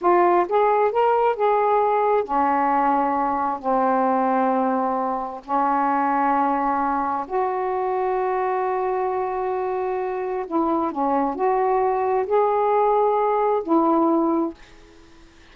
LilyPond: \new Staff \with { instrumentName = "saxophone" } { \time 4/4 \tempo 4 = 132 f'4 gis'4 ais'4 gis'4~ | gis'4 cis'2. | c'1 | cis'1 |
fis'1~ | fis'2. e'4 | cis'4 fis'2 gis'4~ | gis'2 e'2 | }